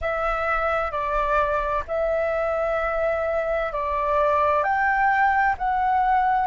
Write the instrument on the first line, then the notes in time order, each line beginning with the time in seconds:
flute
0.01 E5
0.91 D5
1.87 E5
3.72 D5
4.63 G5
5.58 F#5